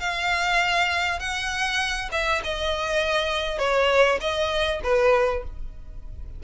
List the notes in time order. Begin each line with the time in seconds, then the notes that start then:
0.00 F5
1.19 F#5
2.12 E5
2.44 D#5
3.59 C#5
4.21 D#5
4.84 B4